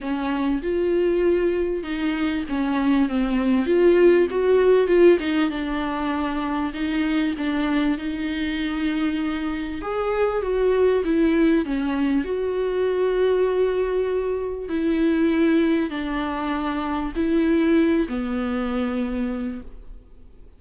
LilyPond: \new Staff \with { instrumentName = "viola" } { \time 4/4 \tempo 4 = 98 cis'4 f'2 dis'4 | cis'4 c'4 f'4 fis'4 | f'8 dis'8 d'2 dis'4 | d'4 dis'2. |
gis'4 fis'4 e'4 cis'4 | fis'1 | e'2 d'2 | e'4. b2~ b8 | }